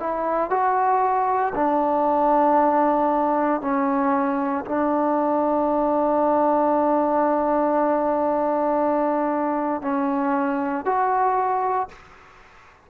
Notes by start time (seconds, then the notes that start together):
0.00 E4
0.50 F#4
1.55 D4
3.62 C#4
4.66 D4
9.82 C#4
10.86 F#4